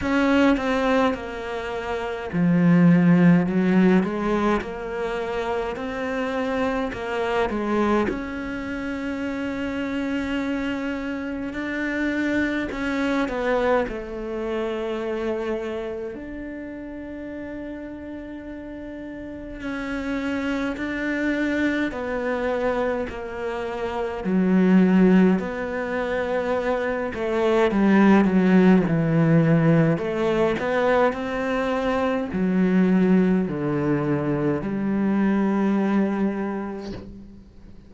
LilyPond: \new Staff \with { instrumentName = "cello" } { \time 4/4 \tempo 4 = 52 cis'8 c'8 ais4 f4 fis8 gis8 | ais4 c'4 ais8 gis8 cis'4~ | cis'2 d'4 cis'8 b8 | a2 d'2~ |
d'4 cis'4 d'4 b4 | ais4 fis4 b4. a8 | g8 fis8 e4 a8 b8 c'4 | fis4 d4 g2 | }